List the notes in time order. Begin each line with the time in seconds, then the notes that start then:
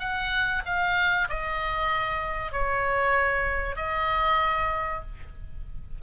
0.00 F#5
0.66 F5
1.29 D#5
2.52 C#5
3.76 D#5